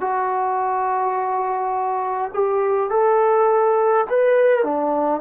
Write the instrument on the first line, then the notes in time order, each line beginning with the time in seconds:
trombone
0.00 F#4
2.33 G4
2.90 A4
4.10 B4
4.63 D4